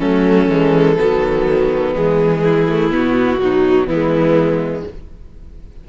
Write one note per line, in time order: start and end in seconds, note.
0.00 0.50 F#3
0.00 0.50 A3
0.00 0.97 C#4
0.00 1.94 A4
0.50 0.98 E3
0.50 0.99 G#3
0.98 1.96 D#3
0.98 1.95 F#3
0.98 2.43 B3
1.95 2.92 E3
1.95 2.68 G#3
1.95 2.94 G#4
2.44 3.41 E4
2.69 2.91 A3
2.91 3.87 B2
2.91 3.40 B3
2.91 3.88 F#4
3.40 3.88 F#3
3.40 3.87 D#4
3.87 4.84 E3
3.87 4.90 G#3
3.87 4.84 B3
3.87 4.85 E4